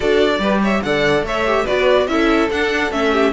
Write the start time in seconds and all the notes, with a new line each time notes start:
0.00 D4 F#4 A4 D5
0.38 G3 G4 B4
0.61 C#5 E5
0.82 D3 A4 D5 F#5
1.22 A3 C#5 E5
1.46 G4
1.64 B3 F#4 B4 D5
2.07 C#4 E4 A4 E5
2.50 D4 F#5
2.91 A3 C#4 E5
3.12 G4